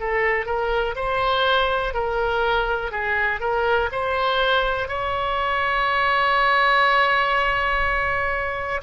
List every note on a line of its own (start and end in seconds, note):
0.00 0.46 A4
0.46 0.95 A#4
0.96 1.94 C5
1.94 2.92 A#4
2.92 3.40 G#4
3.40 3.89 A#4
3.92 4.88 C5
4.88 8.82 C#5